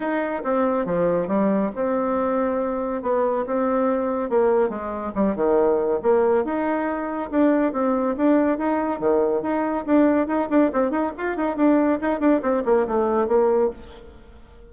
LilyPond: \new Staff \with { instrumentName = "bassoon" } { \time 4/4 \tempo 4 = 140 dis'4 c'4 f4 g4 | c'2. b4 | c'2 ais4 gis4 | g8 dis4. ais4 dis'4~ |
dis'4 d'4 c'4 d'4 | dis'4 dis4 dis'4 d'4 | dis'8 d'8 c'8 dis'8 f'8 dis'8 d'4 | dis'8 d'8 c'8 ais8 a4 ais4 | }